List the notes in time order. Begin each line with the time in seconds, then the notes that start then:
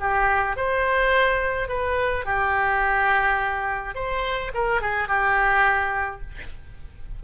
0.00 G4
0.57 C5
1.69 B4
2.26 G4
3.95 C5
4.54 A#4
4.82 G#4
5.08 G4